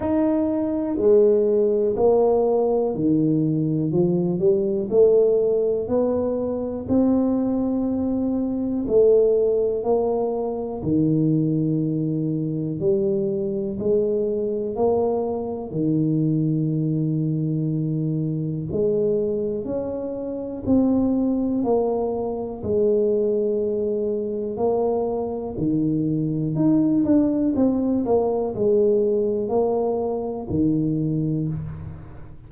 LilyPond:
\new Staff \with { instrumentName = "tuba" } { \time 4/4 \tempo 4 = 61 dis'4 gis4 ais4 dis4 | f8 g8 a4 b4 c'4~ | c'4 a4 ais4 dis4~ | dis4 g4 gis4 ais4 |
dis2. gis4 | cis'4 c'4 ais4 gis4~ | gis4 ais4 dis4 dis'8 d'8 | c'8 ais8 gis4 ais4 dis4 | }